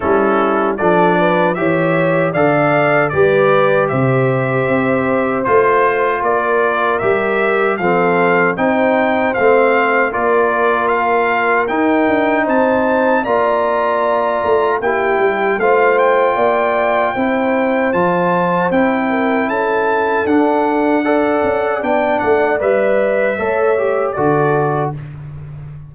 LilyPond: <<
  \new Staff \with { instrumentName = "trumpet" } { \time 4/4 \tempo 4 = 77 a'4 d''4 e''4 f''4 | d''4 e''2 c''4 | d''4 e''4 f''4 g''4 | f''4 d''4 f''4 g''4 |
a''4 ais''2 g''4 | f''8 g''2~ g''8 a''4 | g''4 a''4 fis''2 | g''8 fis''8 e''2 d''4 | }
  \new Staff \with { instrumentName = "horn" } { \time 4/4 e'4 a'8 b'8 cis''4 d''4 | b'4 c''2. | ais'2 a'4 c''4~ | c''4 ais'2. |
c''4 d''2 g'4 | c''4 d''4 c''2~ | c''8 ais'8 a'2 d''4~ | d''2 cis''4 a'4 | }
  \new Staff \with { instrumentName = "trombone" } { \time 4/4 cis'4 d'4 g'4 a'4 | g'2. f'4~ | f'4 g'4 c'4 dis'4 | c'4 f'2 dis'4~ |
dis'4 f'2 e'4 | f'2 e'4 f'4 | e'2 d'4 a'4 | d'4 b'4 a'8 g'8 fis'4 | }
  \new Staff \with { instrumentName = "tuba" } { \time 4/4 g4 f4 e4 d4 | g4 c4 c'4 a4 | ais4 g4 f4 c'4 | a4 ais2 dis'8 d'8 |
c'4 ais4. a8 ais8 g8 | a4 ais4 c'4 f4 | c'4 cis'4 d'4. cis'8 | b8 a8 g4 a4 d4 | }
>>